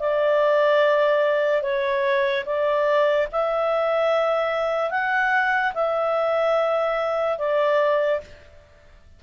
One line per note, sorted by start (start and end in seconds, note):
0.00 1.63 D5
1.63 2.45 C#5
2.46 3.28 D5
3.32 4.91 E5
4.91 5.73 F#5
5.74 7.39 E5
7.39 8.21 D5